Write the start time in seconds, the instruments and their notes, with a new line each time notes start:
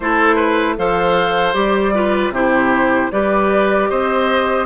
0.00 bassoon A3, clarinet E4, oboe A4, flute C5
0.35 oboe B4
0.78 bassoon F3, clarinet A4, oboe C5, flute F5
1.54 bassoon G3, clarinet G4, flute D5
1.94 clarinet F4, oboe B4
2.30 bassoon C3, clarinet E4, oboe G4, flute C5
3.11 bassoon G3, clarinet G4, oboe B4, flute D5
3.89 bassoon C4, oboe C5, flute D#5